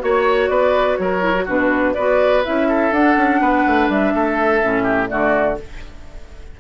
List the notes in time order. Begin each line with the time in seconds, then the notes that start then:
0.00 A#3 F#4 C#5
0.48 B3 B4 D5
0.97 F#3 A#4 C#5
1.21 E4
1.35 F#4
1.45 B2 D4 F#4 B4
1.94 B3 F#4 B4 D5
2.44 C#4 E4 E5
2.69 A4
2.91 D4 F#5
3.17 C#4
3.40 B3 B4
3.67 A3
3.89 G3 E5
4.14 A3 A4
4.61 A2 C#4
4.83 G4
5.08 D3 A3 F#4 D5